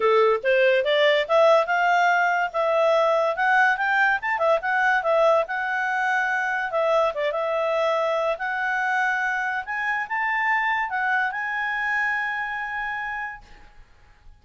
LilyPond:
\new Staff \with { instrumentName = "clarinet" } { \time 4/4 \tempo 4 = 143 a'4 c''4 d''4 e''4 | f''2 e''2 | fis''4 g''4 a''8 e''8 fis''4 | e''4 fis''2. |
e''4 d''8 e''2~ e''8 | fis''2. gis''4 | a''2 fis''4 gis''4~ | gis''1 | }